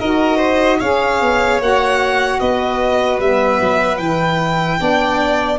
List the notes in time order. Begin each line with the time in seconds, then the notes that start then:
0.00 D#4 F#4 A#4 D#5
0.37 C5
0.80 C#4 G#4 C#5 F5
1.21 B3
1.60 A#3 F#4 F#5
2.40 B3 B4 D#5
3.19 G3 B3 E5
3.60 F#3
3.98 E3 G5
4.04 E4
4.78 B3 D4 D5